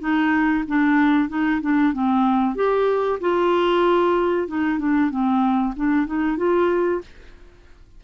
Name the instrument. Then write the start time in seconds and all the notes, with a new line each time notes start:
clarinet
0.00 D#4
0.67 D4
1.29 D#4
1.61 D4
1.93 C4
2.55 G4
3.20 F4
4.47 D#4
4.78 D4
5.10 C4
5.76 D4
6.06 D#4
6.37 F4